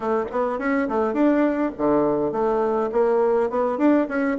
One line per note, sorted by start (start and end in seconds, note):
0.00 0.25 A3
0.31 0.59 B3
0.59 0.88 C#4
0.88 1.13 A3
1.13 1.71 D4
1.77 2.31 D3
2.31 2.90 A3
2.92 3.50 A#3
3.50 3.78 B3
3.78 4.07 D4
4.08 4.37 C#4